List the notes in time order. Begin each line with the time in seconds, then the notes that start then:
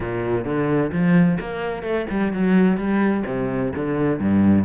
0.00 A#2
0.44 D3
0.92 F3
1.40 A#3
1.82 A3
2.10 G3
2.32 F#3
2.77 G3
3.26 C3
3.75 D3
4.19 G2